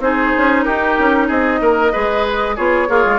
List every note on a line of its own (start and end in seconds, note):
0.00 0.32 C4
0.00 1.92 D#4
0.00 0.65 G#4
0.00 0.64 C5
0.37 0.66 C#4
0.64 0.98 D#4
0.64 1.28 G4
0.64 1.27 A#4
0.99 1.30 C#4
1.28 1.61 C4
1.28 1.60 G#4
1.28 2.57 D#5
1.61 1.93 A#3
1.61 1.92 A#4
1.92 2.58 G#3
1.92 2.56 G#4
1.92 2.56 B4
2.56 2.89 B3
2.56 2.88 F4
2.56 2.88 G#4
2.56 3.19 C#5
2.88 3.05 A#3
2.88 3.19 F4
2.88 3.19 G#4
3.05 3.19 G#3